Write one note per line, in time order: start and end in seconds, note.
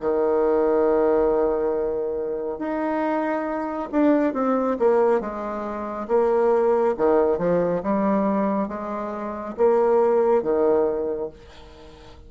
0.00 2.58 D#3
2.58 3.89 D#4
3.91 4.33 D4
4.33 4.77 C4
4.79 5.20 A#3
5.20 6.07 G#3
6.08 6.94 A#3
6.97 7.38 D#3
7.38 7.81 F3
7.83 8.68 G3
8.68 9.55 G#3
9.57 10.42 A#3
10.42 11.29 D#3